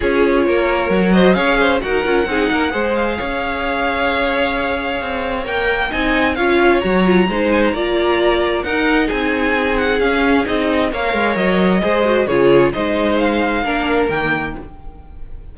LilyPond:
<<
  \new Staff \with { instrumentName = "violin" } { \time 4/4 \tempo 4 = 132 cis''2~ cis''8 dis''8 f''4 | fis''2~ fis''8 f''4.~ | f''1 | g''4 gis''4 f''4 ais''4~ |
ais''8 gis''16 ais''2~ ais''16 fis''4 | gis''4. fis''8 f''4 dis''4 | f''4 dis''2 cis''4 | dis''4 f''2 g''4 | }
  \new Staff \with { instrumentName = "violin" } { \time 4/4 gis'4 ais'4. c''8 cis''8 c''8 | ais'4 gis'8 ais'8 c''4 cis''4~ | cis''1~ | cis''4 dis''4 cis''2 |
c''4 d''2 ais'4 | gis'1 | cis''2 c''4 gis'4 | c''2 ais'2 | }
  \new Staff \with { instrumentName = "viola" } { \time 4/4 f'2 fis'4 gis'4 | fis'8 f'8 dis'4 gis'2~ | gis'1 | ais'4 dis'4 f'4 fis'8 f'8 |
dis'4 f'2 dis'4~ | dis'2 cis'4 dis'4 | ais'2 gis'8 fis'8 f'4 | dis'2 d'4 ais4 | }
  \new Staff \with { instrumentName = "cello" } { \time 4/4 cis'4 ais4 fis4 cis'4 | dis'8 cis'8 c'8 ais8 gis4 cis'4~ | cis'2. c'4 | ais4 c'4 cis'4 fis4 |
gis4 ais2 dis'4 | c'2 cis'4 c'4 | ais8 gis8 fis4 gis4 cis4 | gis2 ais4 dis4 | }
>>